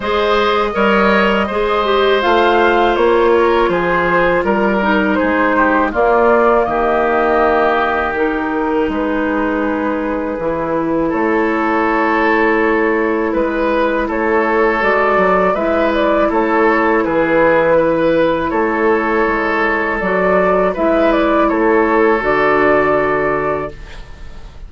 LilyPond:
<<
  \new Staff \with { instrumentName = "flute" } { \time 4/4 \tempo 4 = 81 dis''2. f''4 | cis''4 c''4 ais'4 c''4 | d''4 dis''2 ais'4 | b'2. cis''4~ |
cis''2 b'4 cis''4 | d''4 e''8 d''8 cis''4 b'4~ | b'4 cis''2 d''4 | e''8 d''8 cis''4 d''2 | }
  \new Staff \with { instrumentName = "oboe" } { \time 4/4 c''4 cis''4 c''2~ | c''8 ais'8 gis'4 ais'4 gis'8 g'8 | f'4 g'2. | gis'2. a'4~ |
a'2 b'4 a'4~ | a'4 b'4 a'4 gis'4 | b'4 a'2. | b'4 a'2. | }
  \new Staff \with { instrumentName = "clarinet" } { \time 4/4 gis'4 ais'4 gis'8 g'8 f'4~ | f'2~ f'8 dis'4. | ais2. dis'4~ | dis'2 e'2~ |
e'1 | fis'4 e'2.~ | e'2. fis'4 | e'2 fis'2 | }
  \new Staff \with { instrumentName = "bassoon" } { \time 4/4 gis4 g4 gis4 a4 | ais4 f4 g4 gis4 | ais4 dis2. | gis2 e4 a4~ |
a2 gis4 a4 | gis8 fis8 gis4 a4 e4~ | e4 a4 gis4 fis4 | gis4 a4 d2 | }
>>